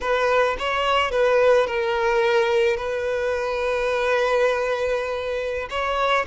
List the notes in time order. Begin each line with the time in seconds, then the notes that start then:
0.01 B4
0.58 C#5
1.11 B4
1.66 A#4
2.76 B4
5.70 C#5